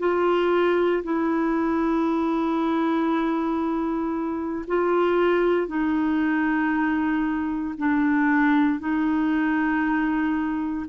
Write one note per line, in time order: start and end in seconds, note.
0.00 1.03 F4
1.04 4.66 E4
4.68 5.68 F4
5.68 7.75 D#4
7.78 8.80 D4
8.80 10.87 D#4